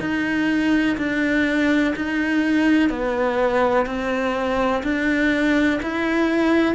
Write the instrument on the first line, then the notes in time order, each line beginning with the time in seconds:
cello
0.00 D#4
0.97 D4
1.96 D#4
2.89 B3
3.86 C4
4.83 D4
5.82 E4